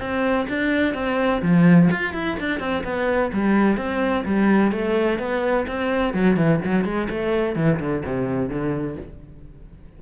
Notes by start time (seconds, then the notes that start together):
0.00 C4
0.49 D4
0.94 C4
1.42 F3
1.91 F4
2.14 E4
2.40 D4
2.60 C4
2.84 B3
3.33 G3
3.78 C4
4.26 G3
4.72 A3
5.19 B3
5.68 C4
6.14 F#3
6.37 E3
6.65 F#3
6.85 G#3
7.10 A3
7.56 E3
7.80 D3
8.06 C3
8.50 D3